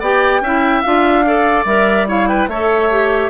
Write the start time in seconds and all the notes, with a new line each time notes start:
0.00 B3 G4 D5 G5
0.41 C#4 E4 E5
0.82 D4 F4 F5
1.26 A4 D5
1.65 G3 A#4 E5
2.08 E4 C#5 F5
2.28 B4 G5
2.47 A3 A4 C#5 E5
2.91 G4